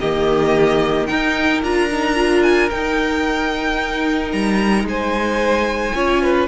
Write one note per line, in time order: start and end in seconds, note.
0.00 1.09 D#3
0.00 1.08 A#3
0.00 1.08 G4
0.00 1.07 D#5
1.07 1.62 D#4
1.07 1.63 D#4
1.07 4.87 A#4
1.07 1.61 G5
1.63 2.71 D4
1.63 1.91 F4
1.63 2.43 A#5
1.91 2.15 D#4
2.15 2.69 F4
2.43 2.70 G#5
2.70 5.95 D#4
2.70 4.33 D#4
2.70 4.31 G5
4.31 4.84 G3
4.31 4.85 A#5
4.84 5.92 G#3
4.84 5.96 C5
4.84 6.48 G#5
5.95 6.48 C#4
5.95 6.48 F4
5.95 6.23 C#5
6.23 6.48 B4